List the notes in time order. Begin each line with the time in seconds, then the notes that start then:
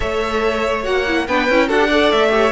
0.00 A3 A4 C#5 E5
0.83 A#3 F#4 F#5
1.07 E4
1.27 B3 D4 B4 G5
1.49 C#4 E4
1.68 D4 F#4 A4 F#5
1.79 G4
1.87 A4 D5
2.11 A3 E5
2.29 G4 C#5